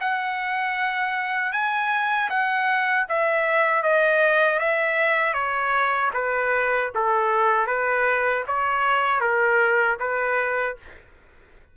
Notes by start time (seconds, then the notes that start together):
0.00 F#5
1.52 G#5
2.29 F#5
3.08 E5
3.83 D#5
4.59 E5
5.33 C#5
6.13 B4
6.94 A4
7.66 B4
8.47 C#5
9.20 A#4
9.99 B4